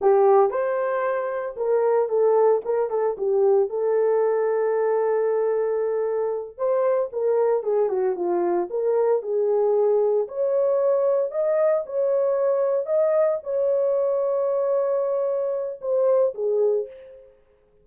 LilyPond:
\new Staff \with { instrumentName = "horn" } { \time 4/4 \tempo 4 = 114 g'4 c''2 ais'4 | a'4 ais'8 a'8 g'4 a'4~ | a'1~ | a'8 c''4 ais'4 gis'8 fis'8 f'8~ |
f'8 ais'4 gis'2 cis''8~ | cis''4. dis''4 cis''4.~ | cis''8 dis''4 cis''2~ cis''8~ | cis''2 c''4 gis'4 | }